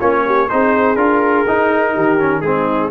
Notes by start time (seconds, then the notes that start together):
0.00 A#3 C#4 F4 C#5
0.26 G4
0.49 C4 D#4 G#4 C5
0.95 D4 F4 A#4
1.47 D#4
1.93 D#3 G4
2.18 C#4
2.41 G#3 C4 D#4 G#4